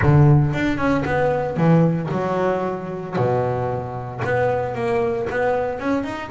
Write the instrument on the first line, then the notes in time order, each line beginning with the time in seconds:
double bass
0.01 D3
0.53 D4
0.77 C#4
1.05 B3
1.56 E3
2.11 F#3
3.16 B2
4.24 B3
4.75 A#3
5.30 B3
5.79 C#4
6.04 D#4